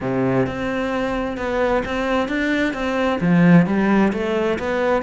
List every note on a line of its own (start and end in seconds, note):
0.01 0.46 C3
0.46 1.37 C4
1.37 1.83 B3
1.85 2.28 C4
2.28 2.73 D4
2.73 3.19 C4
3.20 3.66 F3
3.66 4.12 G3
4.12 4.58 A3
4.58 5.02 B3